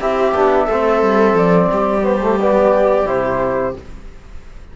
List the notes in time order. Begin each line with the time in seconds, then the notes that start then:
0.00 C4 E4 G4 E5
0.34 B3 D4
0.65 A3 C4 A4
1.02 G3
1.34 F3 D5
1.71 G3 G4
2.01 B3 C5
2.22 A3
2.40 B3 D5
3.06 C3 E4 C5